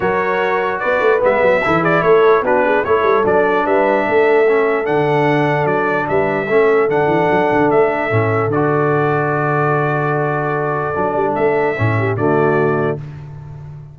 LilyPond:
<<
  \new Staff \with { instrumentName = "trumpet" } { \time 4/4 \tempo 4 = 148 cis''2 d''4 e''4~ | e''8 d''8 cis''4 b'4 cis''4 | d''4 e''2. | fis''2 d''4 e''4~ |
e''4 fis''2 e''4~ | e''4 d''2.~ | d''1 | e''2 d''2 | }
  \new Staff \with { instrumentName = "horn" } { \time 4/4 ais'2 b'2 | a'8 gis'8 a'4 fis'8 gis'8 a'4~ | a'4 b'4 a'2~ | a'2. b'4 |
a'1~ | a'1~ | a'1~ | a'4. g'8 fis'2 | }
  \new Staff \with { instrumentName = "trombone" } { \time 4/4 fis'2. b4 | e'2 d'4 e'4 | d'2. cis'4 | d'1 |
cis'4 d'2. | cis'4 fis'2.~ | fis'2. d'4~ | d'4 cis'4 a2 | }
  \new Staff \with { instrumentName = "tuba" } { \time 4/4 fis2 b8 a8 gis8 fis8 | e4 a4 b4 a8 g8 | fis4 g4 a2 | d2 fis4 g4 |
a4 d8 e8 fis8 d8 a4 | a,4 d2.~ | d2. fis8 g8 | a4 a,4 d2 | }
>>